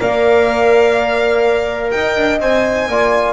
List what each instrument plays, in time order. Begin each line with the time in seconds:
0.00 double bass A#3, trombone A#4, horn D5, violin F5
1.91 double bass D#4, horn D#5, violin G5
2.17 double bass D4
2.40 double bass C4, trombone C5, violin G#5
2.88 double bass A#3, trombone F4, horn D5